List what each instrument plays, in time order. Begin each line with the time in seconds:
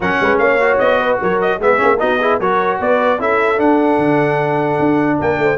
0.00 tuba F#3, trombone C#4, horn A#4, trumpet F#5
0.20 tuba G#3, horn B4
0.38 tuba A#3, horn C#5, trumpet F5
0.59 trombone F#4
0.78 tuba B3, trumpet D#5
0.99 horn B4
1.21 tuba F#3, horn A#4, trumpet C#5
1.41 trumpet D#5
1.58 tuba G#3, trombone B3, horn G#4, trumpet E5
1.77 tuba A#3, trombone C#4
1.99 tuba B3, trombone D#4, horn F#4, trumpet D#5
2.19 trombone E4, horn G#4
2.39 tuba F#3, trombone F#4, horn A#4, trumpet C#5
2.79 tuba B3, horn B4, trumpet D5
3.18 tuba C#4, trombone E4, horn A4, trumpet E5
3.57 trombone D4, tuba D4, trumpet F#5
3.98 tuba D3
4.79 tuba D4
5.18 tuba A#3, horn A#4, trumpet G5
5.38 tuba A3, horn C5